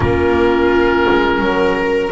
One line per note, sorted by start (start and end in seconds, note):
0.00 1.07 A#3
0.00 2.12 C#4
0.00 1.41 F4
0.00 2.12 A#4
1.09 1.39 G#3
1.39 2.10 F#3
1.39 2.12 A#4